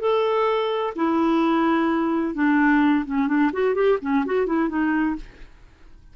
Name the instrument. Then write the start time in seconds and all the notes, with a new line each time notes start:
clarinet
0.00 A4
0.96 E4
2.35 D4
3.06 C#4
3.27 D4
3.53 F#4
3.75 G4
4.02 C#4
4.26 F#4
4.47 E4
4.69 D#4